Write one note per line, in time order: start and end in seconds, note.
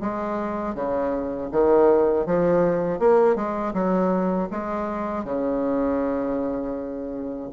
0.00 0.74 G#3
0.74 1.49 C#3
1.51 2.26 D#3
2.26 2.99 F3
2.99 3.35 A#3
3.35 3.73 G#3
3.73 4.48 F#3
4.50 5.24 G#3
5.24 7.49 C#3